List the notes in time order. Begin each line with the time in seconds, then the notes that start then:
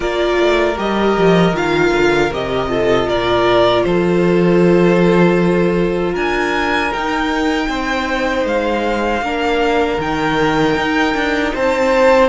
0.00 A#3 F4 A#4 D5
0.39 A3
0.75 G3 G4 D#5
1.17 F3
1.53 D#3 F4 F5
1.93 D3
2.32 C3 G4 D#5
2.68 F4 A4
3.07 A#2 A#4 D5
3.83 F3 A4 C5
6.12 D4 A#4 G#5
6.92 D#4 G5
7.68 C4 C5
8.44 G#3 F5
9.21 A#3 D4 A#4
9.98 D#3 D#4 G5
10.75 D#4
11.14 D4
11.53 C4 C5 A5